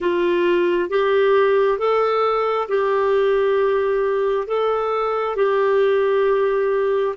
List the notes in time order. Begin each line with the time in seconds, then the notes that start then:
0.00 F4
0.89 G4
1.78 A4
2.68 G4
4.47 A4
5.36 G4